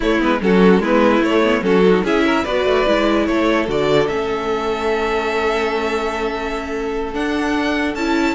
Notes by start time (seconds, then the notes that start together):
0.00 A3 E4 C#5
0.19 G#3 B3 B4
0.40 F#3 C#4 F#4 A4
0.79 G#3 B3 E4 B4
1.20 A3 C#5
1.43 B3
1.62 F#3 C#4 F#4 A4
1.85 D#4
2.03 C#4 E4 G#4 E5
2.26 A#4
2.43 B3 F#4 B4 D5
2.65 A3
2.86 G#3 E4
3.26 A3 A4 C#5
3.66 D3 F#4 D5
4.07 A3 C#4 E5
7.13 D4 F#5
7.94 C#4 E4 A5